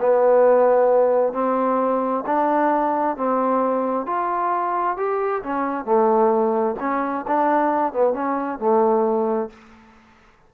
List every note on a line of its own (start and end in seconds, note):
0.00 1.33 B3
1.33 2.24 C4
2.26 3.16 D4
3.16 4.06 C4
4.06 4.97 F4
4.97 5.42 G4
5.43 5.85 C#4
5.85 6.76 A3
6.80 7.25 C#4
7.27 7.93 D4
7.93 8.13 B3
8.13 8.58 C#4
8.58 9.49 A3